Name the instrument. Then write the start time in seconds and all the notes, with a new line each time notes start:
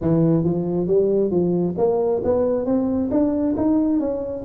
tuba
0.01 E3
0.43 F3
0.87 G3
1.30 F3
1.77 A#3
2.24 B3
2.65 C4
3.11 D4
3.56 D#4
3.99 C#4